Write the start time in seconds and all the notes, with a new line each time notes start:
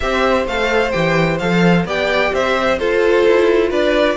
0.00 C4 G4 C5 E5
0.46 A3 A4 F5
0.91 E3 G4 G5
1.38 F3 A4 F5
1.85 B3 G4 D5 G5
2.33 C4 C5 E5
2.78 F4 A4 C5
3.26 E4
3.69 D4 B4 D5